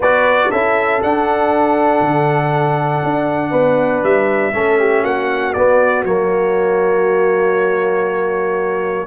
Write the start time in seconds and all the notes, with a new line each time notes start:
0.00 B3 F#4 B4 D5
0.49 C#4 E4 A4 E5
1.02 D4 F#5
2.01 D3
3.03 D4
3.50 B3 B4
4.02 G3 E5
4.53 A3 C#4 A4
4.79 G4
5.03 A#3 F#4 F#5
5.53 B3 D5
6.04 F#3 A#3 C#5